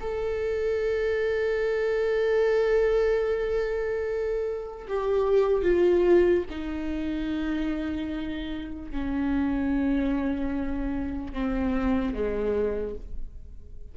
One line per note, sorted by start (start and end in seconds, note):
0.00 4.86 A4
4.87 5.62 G4
5.62 6.43 F4
6.49 8.91 D#4
8.91 11.33 C#4
11.33 12.13 C4
12.13 12.94 G#3